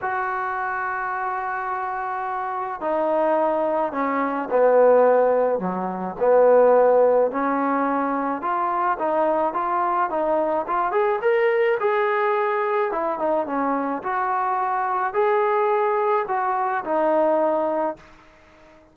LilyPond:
\new Staff \with { instrumentName = "trombone" } { \time 4/4 \tempo 4 = 107 fis'1~ | fis'4 dis'2 cis'4 | b2 fis4 b4~ | b4 cis'2 f'4 |
dis'4 f'4 dis'4 f'8 gis'8 | ais'4 gis'2 e'8 dis'8 | cis'4 fis'2 gis'4~ | gis'4 fis'4 dis'2 | }